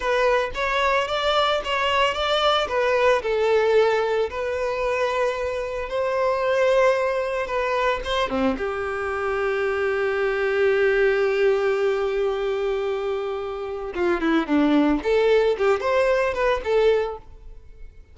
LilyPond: \new Staff \with { instrumentName = "violin" } { \time 4/4 \tempo 4 = 112 b'4 cis''4 d''4 cis''4 | d''4 b'4 a'2 | b'2. c''4~ | c''2 b'4 c''8 c'8 |
g'1~ | g'1~ | g'2 f'8 e'8 d'4 | a'4 g'8 c''4 b'8 a'4 | }